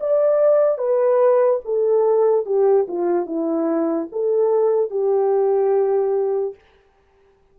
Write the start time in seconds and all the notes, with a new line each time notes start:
0.00 D5
0.78 B4
1.65 A4
2.46 G4
2.88 F4
3.26 E4
4.12 A4
4.91 G4